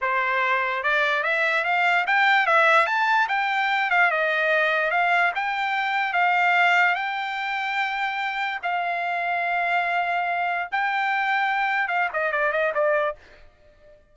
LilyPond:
\new Staff \with { instrumentName = "trumpet" } { \time 4/4 \tempo 4 = 146 c''2 d''4 e''4 | f''4 g''4 e''4 a''4 | g''4. f''8 dis''2 | f''4 g''2 f''4~ |
f''4 g''2.~ | g''4 f''2.~ | f''2 g''2~ | g''4 f''8 dis''8 d''8 dis''8 d''4 | }